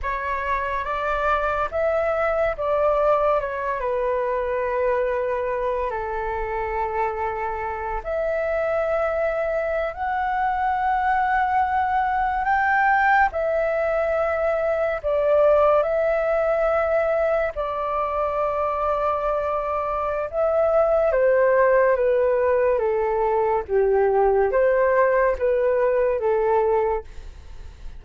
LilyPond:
\new Staff \with { instrumentName = "flute" } { \time 4/4 \tempo 4 = 71 cis''4 d''4 e''4 d''4 | cis''8 b'2~ b'8 a'4~ | a'4. e''2~ e''16 fis''16~ | fis''2~ fis''8. g''4 e''16~ |
e''4.~ e''16 d''4 e''4~ e''16~ | e''8. d''2.~ d''16 | e''4 c''4 b'4 a'4 | g'4 c''4 b'4 a'4 | }